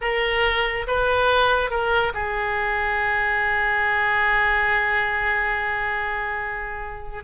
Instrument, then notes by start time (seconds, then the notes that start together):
oboe
0.01 A#4
0.87 B4
1.70 A#4
2.14 G#4